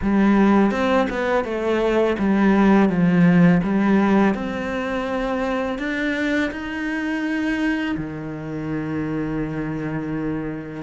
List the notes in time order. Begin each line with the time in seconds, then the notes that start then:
0.02 G3
0.71 C4
1.09 B3
1.44 A3
2.18 G3
2.89 F3
3.63 G3
4.34 C4
5.78 D4
6.51 D#4
7.96 D#3